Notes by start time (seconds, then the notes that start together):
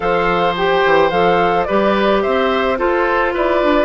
0.00 F3 A4 C5 F5
0.57 G4 G5
0.85 E3
1.10 F3 A4 F5
1.63 G4 B4 D5
1.69 G3
2.22 C4 C5 E5
2.77 F4 A4 C5
3.33 E4 B4 D5
3.62 D4